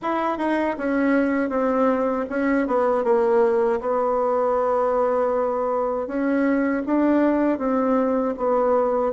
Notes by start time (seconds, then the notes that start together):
0.02 E4
0.38 D#4
0.78 C#4
1.49 C4
2.29 C#4
2.67 B3
3.03 A#3
3.80 B3
6.07 C#4
6.86 D4
7.58 C4
8.37 B3